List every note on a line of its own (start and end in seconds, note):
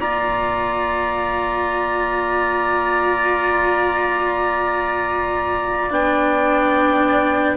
0.00 5.90 A#3
0.00 5.90 F4
0.00 7.57 D5
0.00 5.92 A#5
5.90 7.57 B3
5.90 7.57 D4
5.90 7.57 G5